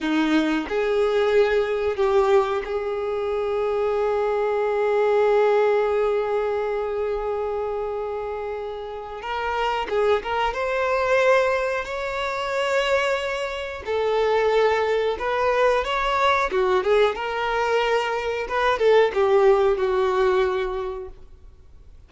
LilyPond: \new Staff \with { instrumentName = "violin" } { \time 4/4 \tempo 4 = 91 dis'4 gis'2 g'4 | gis'1~ | gis'1~ | gis'2 ais'4 gis'8 ais'8 |
c''2 cis''2~ | cis''4 a'2 b'4 | cis''4 fis'8 gis'8 ais'2 | b'8 a'8 g'4 fis'2 | }